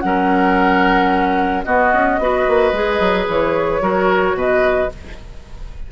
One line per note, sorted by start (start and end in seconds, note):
0.00 1.66 F#3
0.00 1.65 C#4
0.00 1.65 A#4
0.00 1.62 F#5
1.64 1.93 B3
1.64 2.20 B3
1.64 2.19 F#4
1.64 3.26 D#5
1.93 2.18 C#4
2.18 2.45 B3
2.18 2.74 F#4
2.18 3.82 B4
2.48 2.72 A#3
2.72 2.99 G#3
2.72 3.81 G#4
3.00 3.27 F#3
3.28 3.81 E3
3.28 4.37 C#5
3.81 4.34 F#3
3.81 4.89 F#4
3.81 4.36 A#4
4.34 4.88 B2
4.34 4.91 B4
4.34 4.91 D#5